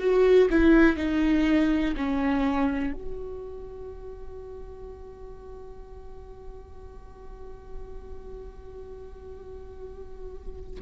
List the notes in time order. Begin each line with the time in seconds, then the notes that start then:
0.00 F#4
0.51 E4
0.97 D#4
1.97 C#4
2.94 F#4